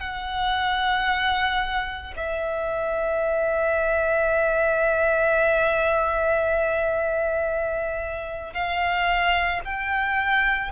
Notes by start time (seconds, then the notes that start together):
0.00 F#5
2.16 E5
8.53 F5
9.65 G5